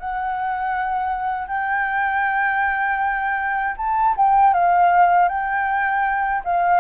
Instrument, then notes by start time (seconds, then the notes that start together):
flute
0.00 F#5
1.48 G5
3.78 A5
4.17 G5
4.54 F5
5.29 G5
6.45 F5